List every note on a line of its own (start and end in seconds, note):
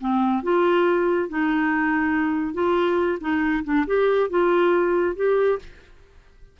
0.00 0.43 C4
0.43 1.29 F4
1.29 2.54 D#4
2.54 3.18 F4
3.20 3.63 D#4
3.64 3.86 D4
3.86 4.29 G4
4.29 5.16 F4
5.16 5.59 G4